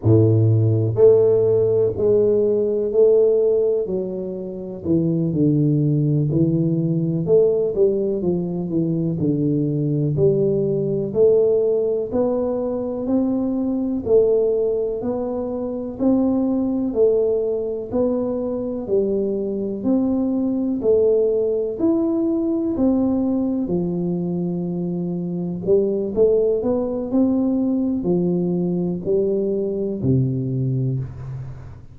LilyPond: \new Staff \with { instrumentName = "tuba" } { \time 4/4 \tempo 4 = 62 a,4 a4 gis4 a4 | fis4 e8 d4 e4 a8 | g8 f8 e8 d4 g4 a8~ | a8 b4 c'4 a4 b8~ |
b8 c'4 a4 b4 g8~ | g8 c'4 a4 e'4 c'8~ | c'8 f2 g8 a8 b8 | c'4 f4 g4 c4 | }